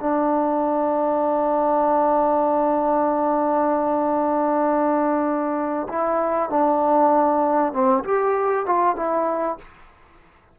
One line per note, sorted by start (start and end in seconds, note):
0.00 5.88 D4
5.89 6.50 E4
6.50 7.73 D4
7.73 8.04 C4
8.04 8.66 G4
8.66 8.96 F4
8.96 9.58 E4